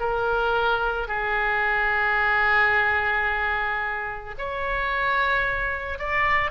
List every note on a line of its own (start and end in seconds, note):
0.00 1.08 A#4
1.08 4.35 G#4
4.38 5.99 C#5
5.99 6.51 D5